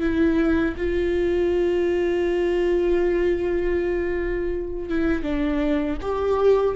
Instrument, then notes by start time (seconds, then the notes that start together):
viola
0.00 E4
0.77 F4
4.89 E4
5.23 D4
6.01 G4